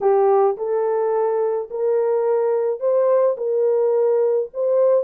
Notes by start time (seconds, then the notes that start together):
0.00 G4
0.57 A4
1.70 A#4
2.80 C5
3.37 A#4
4.53 C5